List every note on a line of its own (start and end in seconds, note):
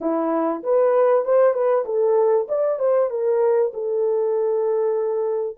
0.00 0.62 E4
0.63 1.24 B4
1.24 1.53 C5
1.53 1.84 B4
1.85 2.47 A4
2.48 2.79 D5
2.79 3.10 C5
3.10 3.71 A#4
3.73 5.57 A4